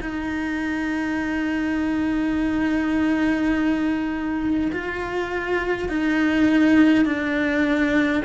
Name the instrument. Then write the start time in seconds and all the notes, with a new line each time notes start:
cello
0.00 D#4
4.72 F4
5.88 D#4
7.05 D4